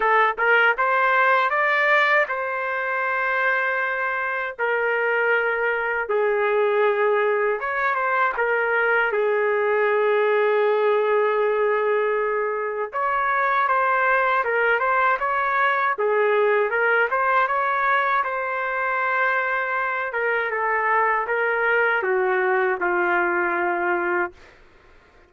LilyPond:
\new Staff \with { instrumentName = "trumpet" } { \time 4/4 \tempo 4 = 79 a'8 ais'8 c''4 d''4 c''4~ | c''2 ais'2 | gis'2 cis''8 c''8 ais'4 | gis'1~ |
gis'4 cis''4 c''4 ais'8 c''8 | cis''4 gis'4 ais'8 c''8 cis''4 | c''2~ c''8 ais'8 a'4 | ais'4 fis'4 f'2 | }